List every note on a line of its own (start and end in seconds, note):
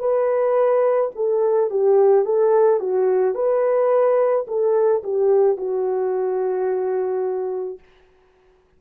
0.00 1.11 B4
1.16 1.71 A4
1.71 2.25 G4
2.25 2.80 A4
2.80 3.35 F#4
3.35 4.46 B4
4.47 5.03 A4
5.04 5.57 G4
5.57 7.79 F#4